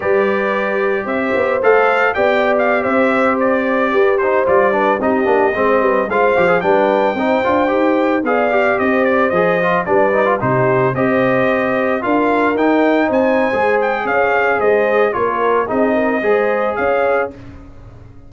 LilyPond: <<
  \new Staff \with { instrumentName = "trumpet" } { \time 4/4 \tempo 4 = 111 d''2 e''4 f''4 | g''8. f''8 e''4 d''4. c''16~ | c''16 d''4 dis''2 f''8.~ | f''16 g''2. f''8.~ |
f''16 dis''8 d''8 dis''4 d''4 c''8.~ | c''16 dis''2 f''4 g''8.~ | g''16 gis''4~ gis''16 g''8 f''4 dis''4 | cis''4 dis''2 f''4 | }
  \new Staff \with { instrumentName = "horn" } { \time 4/4 b'2 c''2 | d''4~ d''16 c''2 b'8 c''16~ | c''8. b'8 g'4 c''8 b'8 c''8.~ | c''16 b'4 c''2 d''8.~ |
d''16 c''2 b'4 g'8.~ | g'16 c''2 ais'4.~ ais'16~ | ais'16 c''4.~ c''16 cis''4 c''4 | ais'4 gis'8 ais'8 c''4 cis''4 | }
  \new Staff \with { instrumentName = "trombone" } { \time 4/4 g'2. a'4 | g'2.~ g'8. dis'16~ | dis'16 f'8 d'8 dis'8 d'8 c'4 f'8 g'16 | gis'16 d'4 dis'8 f'8 g'4 gis'8 g'16~ |
g'4~ g'16 gis'8 f'8 d'8 dis'16 f'16 dis'8.~ | dis'16 g'2 f'4 dis'8.~ | dis'4 gis'2. | f'4 dis'4 gis'2 | }
  \new Staff \with { instrumentName = "tuba" } { \time 4/4 g2 c'8 b8 a4 | b4~ b16 c'2 g'8.~ | g'16 g4 c'8 ais8 gis8 g8 gis8 f16~ | f16 g4 c'8 d'8 dis'4 b8.~ |
b16 c'4 f4 g4 c8.~ | c16 c'2 d'4 dis'8.~ | dis'16 c'8. gis4 cis'4 gis4 | ais4 c'4 gis4 cis'4 | }
>>